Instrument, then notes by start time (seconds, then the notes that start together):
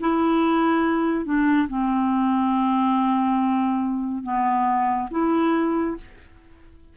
clarinet
0.00 E4
1.25 D4
1.68 C4
4.23 B3
5.10 E4